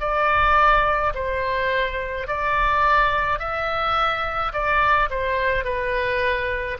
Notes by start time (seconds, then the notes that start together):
0.00 D5
1.14 C5
2.27 D5
3.39 E5
4.53 D5
5.09 C5
5.64 B4